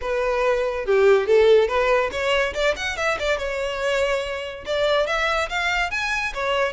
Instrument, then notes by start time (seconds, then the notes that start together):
violin
0.01 B4
0.85 G4
1.27 A4
1.68 B4
2.11 C#5
2.54 D5
2.76 F#5
2.97 E5
3.19 D5
3.38 C#5
4.65 D5
5.06 E5
5.49 F5
5.90 G#5
6.33 C#5